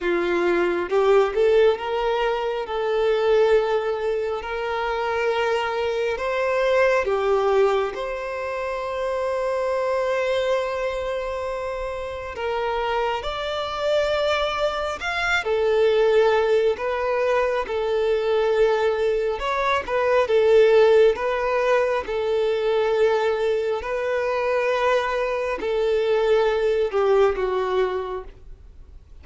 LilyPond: \new Staff \with { instrumentName = "violin" } { \time 4/4 \tempo 4 = 68 f'4 g'8 a'8 ais'4 a'4~ | a'4 ais'2 c''4 | g'4 c''2.~ | c''2 ais'4 d''4~ |
d''4 f''8 a'4. b'4 | a'2 cis''8 b'8 a'4 | b'4 a'2 b'4~ | b'4 a'4. g'8 fis'4 | }